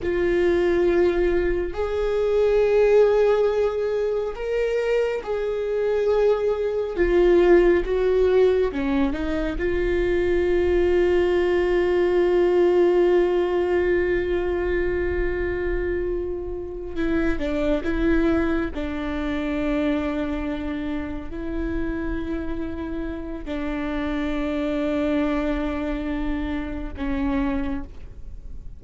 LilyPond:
\new Staff \with { instrumentName = "viola" } { \time 4/4 \tempo 4 = 69 f'2 gis'2~ | gis'4 ais'4 gis'2 | f'4 fis'4 cis'8 dis'8 f'4~ | f'1~ |
f'2.~ f'8 e'8 | d'8 e'4 d'2~ d'8~ | d'8 e'2~ e'8 d'4~ | d'2. cis'4 | }